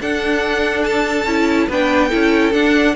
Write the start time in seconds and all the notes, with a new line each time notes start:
0.00 D4 A4 F#5
0.84 A5
1.25 C#4 E4
1.68 B3 D4 B4 G5
2.08 E4 A4
2.14 C#4
2.53 D4 F#5